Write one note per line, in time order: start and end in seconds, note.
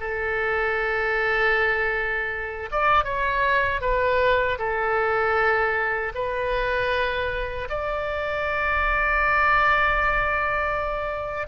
0.00 2.69 A4
2.71 3.04 D5
3.04 3.81 C#5
3.81 4.58 B4
4.58 6.12 A4
6.14 7.68 B4
7.69 11.47 D5